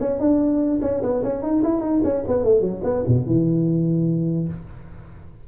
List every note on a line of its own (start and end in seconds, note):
0.00 0.20 C#4
0.20 0.81 D4
0.82 1.02 C#4
1.03 1.23 B3
1.24 1.43 C#4
1.43 1.63 D#4
1.63 1.81 E4
1.81 2.01 D#4
2.04 2.24 C#4
2.28 2.44 B3
2.44 2.61 A3
2.61 2.81 F#3
2.84 3.04 B3
3.08 3.27 B2
3.27 4.48 E3